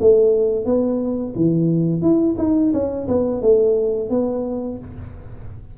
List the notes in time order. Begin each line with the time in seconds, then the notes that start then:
0.00 A3
0.65 B3
1.35 E3
2.01 E4
2.38 D#4
2.73 C#4
3.07 B3
3.42 A3
4.10 B3